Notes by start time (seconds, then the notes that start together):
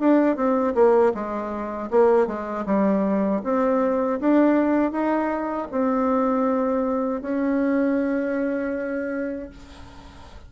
0.00 D4
0.36 C4
0.75 A#3
1.14 G#3
1.91 A#3
2.27 G#3
2.66 G3
3.44 C4
4.20 D4
4.92 D#4
5.72 C4
7.22 C#4